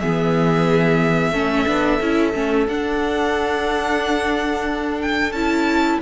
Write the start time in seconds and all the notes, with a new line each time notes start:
0.00 E3 B3 G#4 E5
1.31 A3 C#4 A4
1.66 B3 D4
2.00 C#4 E4
2.33 A3 C#4
2.67 D4 F#5
5.02 G5
5.31 C#4 E4 A5